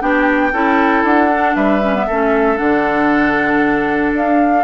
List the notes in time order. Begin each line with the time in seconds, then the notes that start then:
0.00 B3 D4 G4 G5
0.52 C#4 E4 A4
1.03 D4 F#5
1.32 D4
1.55 G3 B4 E5
1.82 C#4
1.95 B3
2.06 A3 C#4 A4
2.57 D3 D4 F#5
4.13 D4 F5